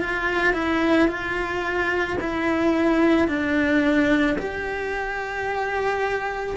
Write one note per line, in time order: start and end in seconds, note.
0.00 0.53 F4
0.53 1.08 E4
1.08 2.17 F4
2.20 3.27 E4
3.27 4.36 D4
4.38 6.56 G4